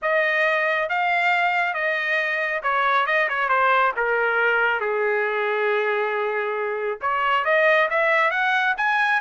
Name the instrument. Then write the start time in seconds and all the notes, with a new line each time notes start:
trumpet
0.02 D#5
0.89 F5
1.74 D#5
2.62 C#5
3.06 D#5
3.28 C#5
3.48 C5
3.96 A#4
4.80 G#4
7.01 C#5
7.45 D#5
7.90 E5
8.31 F#5
8.77 G#5